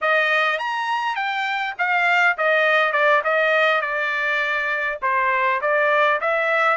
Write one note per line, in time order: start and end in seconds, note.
0.01 0.59 D#5
0.59 1.15 A#5
1.15 1.74 G5
1.78 2.37 F5
2.37 2.92 D#5
2.92 3.22 D5
3.24 3.81 D#5
3.81 4.98 D5
5.02 5.60 C5
5.61 6.20 D5
6.20 6.77 E5